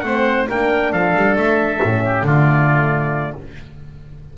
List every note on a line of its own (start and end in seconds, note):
0.00 0.47 A3
0.00 0.48 C4
0.00 0.49 C5
0.00 0.44 F#5
0.49 0.92 A#3
0.49 1.82 D4
0.49 0.91 A#4
0.49 0.92 G5
0.91 1.15 F3
0.91 2.03 A4
0.91 1.37 F5
1.15 1.35 G3
1.35 1.80 A3
1.35 2.26 E5
1.82 2.22 A2
1.82 2.26 C#4
2.05 2.26 G4
2.22 3.33 D3
2.22 3.37 A3
2.22 3.37 F4
2.22 3.37 D5